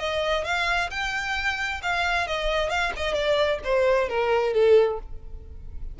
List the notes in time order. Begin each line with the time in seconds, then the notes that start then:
0.00 D#5
0.45 F5
0.91 G5
1.83 F5
2.28 D#5
2.70 F5
2.97 D#5
3.14 D5
3.64 C5
4.09 A#4
4.54 A4